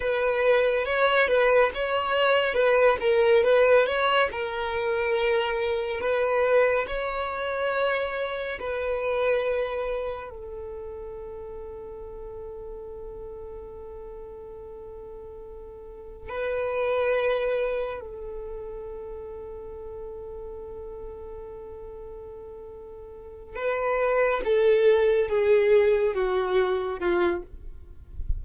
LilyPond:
\new Staff \with { instrumentName = "violin" } { \time 4/4 \tempo 4 = 70 b'4 cis''8 b'8 cis''4 b'8 ais'8 | b'8 cis''8 ais'2 b'4 | cis''2 b'2 | a'1~ |
a'2. b'4~ | b'4 a'2.~ | a'2.~ a'8 b'8~ | b'8 a'4 gis'4 fis'4 f'8 | }